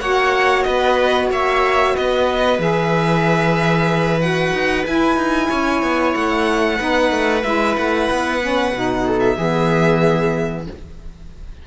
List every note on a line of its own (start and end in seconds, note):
0.00 0.65 A#3
0.00 2.58 F#4
0.00 0.66 C#5
0.00 0.63 F#5
0.63 1.31 B3
0.63 1.31 B4
0.63 1.28 D#5
1.31 1.95 A#3
1.31 1.95 C#5
1.31 1.96 E5
1.95 2.59 B3
1.95 5.49 B4
1.95 2.61 D#5
2.58 4.52 E3
2.58 4.19 G#4
2.58 4.21 E5
4.21 4.85 F#4
4.21 4.85 F#5
4.53 4.85 D#4
4.85 6.78 E4
4.85 5.17 E4
4.85 6.15 G#5
5.17 5.49 D#4
5.50 5.82 C#4
5.50 6.76 C#5
5.82 6.15 B3
6.15 6.80 A3
6.15 7.44 F#5
6.76 7.11 B3
6.76 7.42 D#4
6.76 9.02 B4
7.11 7.44 A3
7.43 7.77 G#3
7.43 8.40 E4
7.43 7.76 E5
7.77 8.10 A3
7.77 9.20 F#5
8.11 8.72 B3
8.41 8.73 C#4
8.72 9.36 B2
8.72 9.38 D#4
9.05 9.37 A4
9.20 10.65 E5
9.37 10.67 E3
9.37 10.67 B3
9.37 10.67 G#4